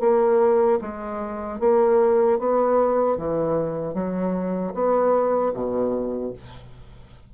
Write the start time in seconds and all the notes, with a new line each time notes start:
0.00 A#3
0.81 G#3
1.60 A#3
2.39 B3
3.17 E3
3.94 F#3
4.74 B3
5.54 B2